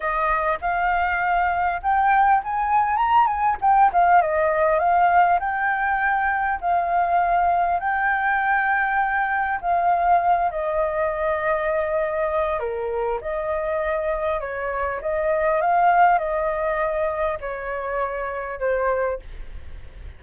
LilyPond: \new Staff \with { instrumentName = "flute" } { \time 4/4 \tempo 4 = 100 dis''4 f''2 g''4 | gis''4 ais''8 gis''8 g''8 f''8 dis''4 | f''4 g''2 f''4~ | f''4 g''2. |
f''4. dis''2~ dis''8~ | dis''4 ais'4 dis''2 | cis''4 dis''4 f''4 dis''4~ | dis''4 cis''2 c''4 | }